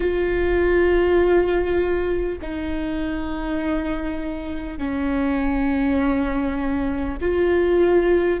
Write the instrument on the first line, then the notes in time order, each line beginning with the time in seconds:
viola
0.00 F4
2.41 D#4
4.77 C#4
7.21 F4